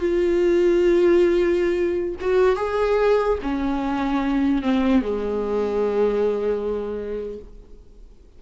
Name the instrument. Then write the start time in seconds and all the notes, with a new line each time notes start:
viola
0.00 F4
2.21 F#4
2.56 G#4
3.43 C#4
4.63 C4
5.02 G#3